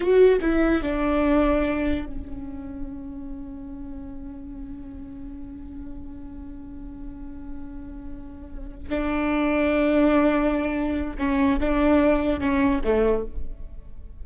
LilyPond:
\new Staff \with { instrumentName = "viola" } { \time 4/4 \tempo 4 = 145 fis'4 e'4 d'2~ | d'4 cis'2.~ | cis'1~ | cis'1~ |
cis'1~ | cis'4. d'2~ d'8~ | d'2. cis'4 | d'2 cis'4 a4 | }